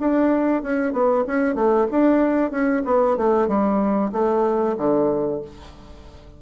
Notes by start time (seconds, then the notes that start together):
0.00 D4
0.63 C#4
0.93 B3
1.27 C#4
1.55 A3
1.91 D4
2.51 C#4
2.85 B3
3.17 A3
3.48 G3
4.12 A3
4.78 D3